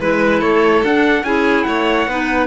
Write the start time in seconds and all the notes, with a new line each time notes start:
0.00 G#3 E4 B4
0.40 A3 A4 C#5
0.84 D4 F#5
1.24 C#4 E4 G#4 G#5
1.64 A3 C#5 F#5
2.08 B3 D#4 B4